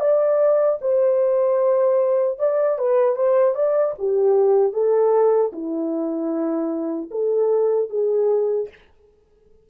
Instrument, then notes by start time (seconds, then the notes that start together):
horn
0.00 D5
0.81 C5
2.39 D5
2.79 B4
3.15 C5
3.55 D5
3.99 G4
4.73 A4
5.52 E4
7.11 A4
7.90 G#4